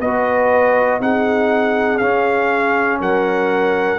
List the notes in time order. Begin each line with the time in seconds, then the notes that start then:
0.00 B3 F#4 B4 D#5
1.00 C4 D#4 G#4 F#5
1.98 C#4 F5
3.01 F#3 A#4 F#5